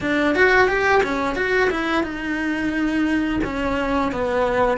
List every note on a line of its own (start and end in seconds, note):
0.01 0.35 D4
0.35 0.68 F#4
0.68 1.02 G4
1.03 1.35 C#4
1.35 1.69 F#4
1.70 2.03 E4
2.03 3.39 D#4
3.44 4.12 C#4
4.12 4.77 B3